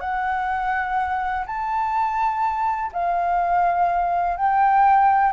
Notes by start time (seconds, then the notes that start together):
0.00 F#5
1.46 A5
2.93 F5
4.37 G5